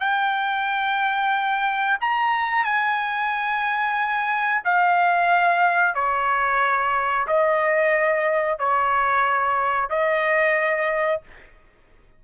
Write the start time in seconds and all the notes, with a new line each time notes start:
0.00 G5
2.01 A#5
2.65 G#5
4.65 F5
5.95 C#5
7.27 D#5
8.59 C#5
9.90 D#5